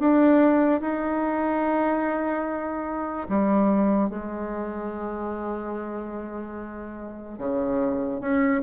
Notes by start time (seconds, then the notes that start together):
0.00 D4
0.81 D#4
3.29 G3
4.10 G#3
7.39 C#3
8.21 C#4